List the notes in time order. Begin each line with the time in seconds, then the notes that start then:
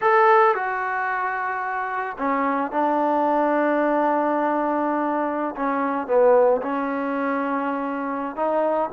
0.01 A4
0.54 F#4
2.18 C#4
2.71 D4
5.56 C#4
6.07 B3
6.62 C#4
8.35 D#4